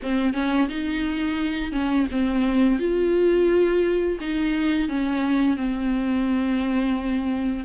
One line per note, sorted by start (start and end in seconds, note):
0.02 0.33 C4
0.33 0.68 C#4
0.68 1.72 D#4
1.72 2.06 C#4
2.11 2.79 C4
2.79 4.18 F4
4.20 4.88 D#4
4.88 5.57 C#4
5.57 7.65 C4